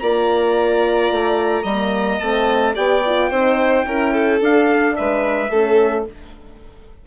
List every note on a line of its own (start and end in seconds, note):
0.00 1.12 A#3
0.00 1.67 F4
0.00 1.63 D5
0.00 2.20 A#5
1.12 1.64 A3
1.63 2.19 G3
1.63 2.21 A#3
1.63 2.74 D#5
2.20 2.76 A3
2.20 2.74 C4
2.20 2.75 A5
2.74 3.31 B3
2.74 3.02 G4
2.74 3.30 D5
2.74 4.42 G5
3.06 3.32 F4
3.31 3.86 C4
3.31 3.86 D#4
3.31 3.86 C5
3.86 4.41 C#4
3.86 4.41 E4
3.86 4.14 A#4
4.14 4.96 A4
4.41 4.96 D4
4.41 5.52 D4
4.41 4.96 F5
4.96 5.50 G#3
4.96 5.51 B4
4.96 6.06 E5
5.50 6.06 A3
5.50 6.07 C#4
5.50 6.06 A4